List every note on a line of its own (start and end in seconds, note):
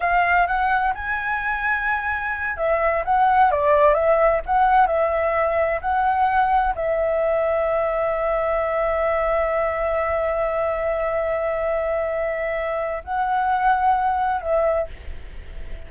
0.00 0.46 F5
0.47 0.93 F#5
0.94 2.57 G#5
2.57 3.03 E5
3.04 3.51 F#5
3.51 3.94 D5
3.94 4.40 E5
4.45 4.86 F#5
4.86 5.79 E5
5.81 6.74 F#5
6.75 13.03 E5
13.04 14.41 F#5
14.41 14.87 E5